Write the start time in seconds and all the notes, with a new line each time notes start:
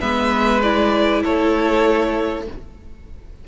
0.00 G#3 B3 B4 E5
0.62 E4 D5
1.22 A3 A4 C#5